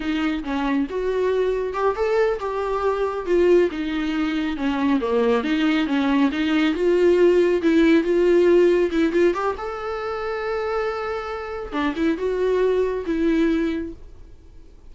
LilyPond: \new Staff \with { instrumentName = "viola" } { \time 4/4 \tempo 4 = 138 dis'4 cis'4 fis'2 | g'8 a'4 g'2 f'8~ | f'8 dis'2 cis'4 ais8~ | ais8 dis'4 cis'4 dis'4 f'8~ |
f'4. e'4 f'4.~ | f'8 e'8 f'8 g'8 a'2~ | a'2. d'8 e'8 | fis'2 e'2 | }